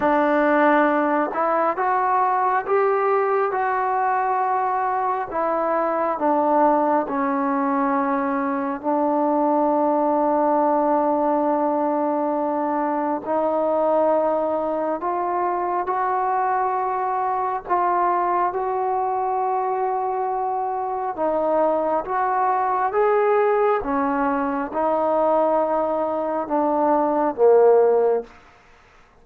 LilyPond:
\new Staff \with { instrumentName = "trombone" } { \time 4/4 \tempo 4 = 68 d'4. e'8 fis'4 g'4 | fis'2 e'4 d'4 | cis'2 d'2~ | d'2. dis'4~ |
dis'4 f'4 fis'2 | f'4 fis'2. | dis'4 fis'4 gis'4 cis'4 | dis'2 d'4 ais4 | }